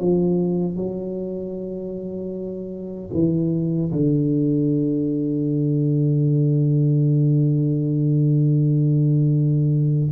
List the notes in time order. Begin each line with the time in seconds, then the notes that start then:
0.00 F3
0.77 F#3
3.14 E3
3.92 D3